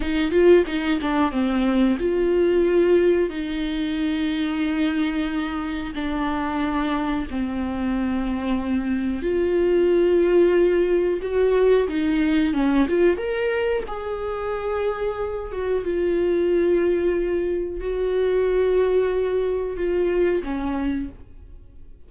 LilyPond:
\new Staff \with { instrumentName = "viola" } { \time 4/4 \tempo 4 = 91 dis'8 f'8 dis'8 d'8 c'4 f'4~ | f'4 dis'2.~ | dis'4 d'2 c'4~ | c'2 f'2~ |
f'4 fis'4 dis'4 cis'8 f'8 | ais'4 gis'2~ gis'8 fis'8 | f'2. fis'4~ | fis'2 f'4 cis'4 | }